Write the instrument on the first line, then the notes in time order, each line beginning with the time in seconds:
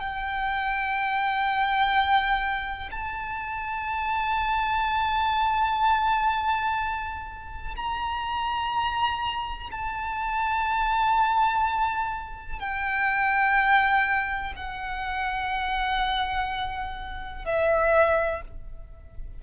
violin
0.00 G5
2.92 A5
7.76 A#5
9.72 A5
12.60 G5
14.56 F#5
17.45 E5